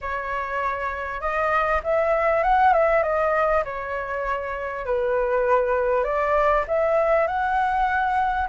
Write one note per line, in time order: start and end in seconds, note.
0.01 1.20 C#5
1.20 1.81 D#5
1.83 2.43 E5
2.43 2.73 F#5
2.73 3.02 E5
3.02 3.63 D#5
3.64 4.85 C#5
4.85 6.04 B4
6.04 6.64 D5
6.67 7.27 E5
7.27 8.48 F#5